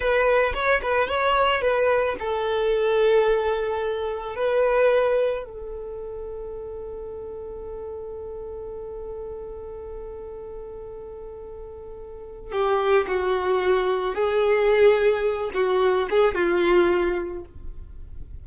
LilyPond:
\new Staff \with { instrumentName = "violin" } { \time 4/4 \tempo 4 = 110 b'4 cis''8 b'8 cis''4 b'4 | a'1 | b'2 a'2~ | a'1~ |
a'1~ | a'2. g'4 | fis'2 gis'2~ | gis'8 fis'4 gis'8 f'2 | }